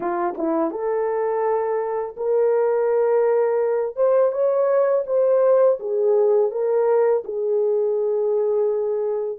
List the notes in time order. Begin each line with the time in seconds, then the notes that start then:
0.00 F4
0.37 E4
0.70 A4
2.16 A#4
3.96 C5
4.31 C#5
5.06 C5
5.79 G#4
6.51 A#4
7.24 G#4